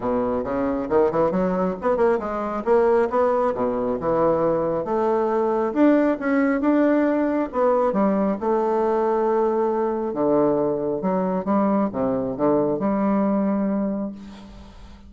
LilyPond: \new Staff \with { instrumentName = "bassoon" } { \time 4/4 \tempo 4 = 136 b,4 cis4 dis8 e8 fis4 | b8 ais8 gis4 ais4 b4 | b,4 e2 a4~ | a4 d'4 cis'4 d'4~ |
d'4 b4 g4 a4~ | a2. d4~ | d4 fis4 g4 c4 | d4 g2. | }